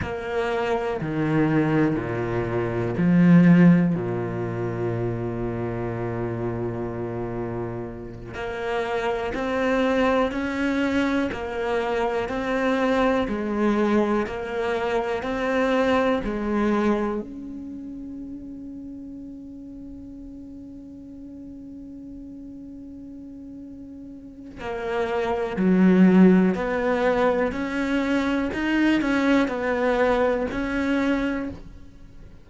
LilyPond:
\new Staff \with { instrumentName = "cello" } { \time 4/4 \tempo 4 = 61 ais4 dis4 ais,4 f4 | ais,1~ | ais,8 ais4 c'4 cis'4 ais8~ | ais8 c'4 gis4 ais4 c'8~ |
c'8 gis4 cis'2~ cis'8~ | cis'1~ | cis'4 ais4 fis4 b4 | cis'4 dis'8 cis'8 b4 cis'4 | }